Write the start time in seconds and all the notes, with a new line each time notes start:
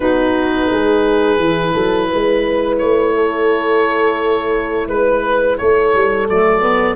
0.00 B3 D#4 F#4 B4
0.70 G#3 G#4
1.37 E3 E4
1.73 F#3 A4
2.10 G#3 B4
2.78 A3 C#5
3.14 A4
4.87 G#3 B4
5.57 A3 A4 C#5
5.94 G3
6.28 F#3 A3 D5
6.61 B3